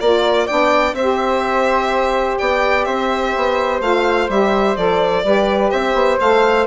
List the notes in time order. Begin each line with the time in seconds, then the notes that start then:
0.00 A#3 F4 A#4 D5
0.46 B3 D4 D5 G5
0.93 C4 C5 E5
1.00 G4
2.38 B3 D5 G5
2.85 C4 C5 E5
3.36 B3
3.80 A3 F4 F5
4.29 G3 G4 E5
4.76 F3 A4 D5
5.24 G3 G4 B4
5.70 C4 C5 E5
5.94 B3
6.20 A3 A4 F5